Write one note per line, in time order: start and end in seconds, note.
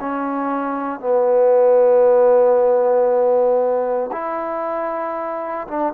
0.00 1.00 C#4
1.00 4.11 B3
4.12 5.67 E4
5.68 5.93 D4